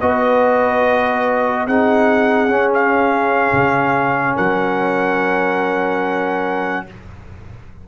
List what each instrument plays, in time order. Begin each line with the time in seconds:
0.00 tuba B3, trombone F#4, horn B4, trumpet D#5
1.67 tuba C4, trombone D#4, horn G#4, trumpet F#5
2.48 tuba C#4, trombone C#4
2.74 trumpet F5
3.53 tuba C#3
4.35 tuba F#3, horn A#4, trumpet F#5